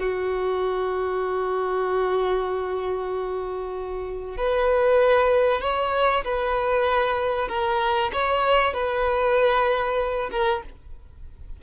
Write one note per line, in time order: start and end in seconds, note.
0.00 4.38 F#4
4.38 5.62 B4
5.62 6.24 C#5
6.25 7.49 B4
7.49 8.11 A#4
8.13 8.74 C#5
8.74 10.30 B4
10.32 10.63 A#4